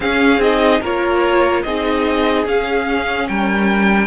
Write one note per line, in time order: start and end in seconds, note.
0.00 0.37 C#4
0.00 0.41 C#4
0.00 0.80 G#4
0.00 0.41 F5
0.37 0.79 C4
0.37 0.82 D#4
0.37 0.82 D#5
0.80 1.64 A#3
0.80 1.65 F4
0.80 1.62 A#4
0.80 1.62 C#5
1.62 2.45 C4
1.62 2.46 D#4
1.62 3.29 G#4
1.62 2.45 D#5
2.45 3.27 C#4
2.45 4.07 C#4
2.45 3.28 F5
3.28 4.07 G3
3.28 4.07 A#4
3.28 4.07 G5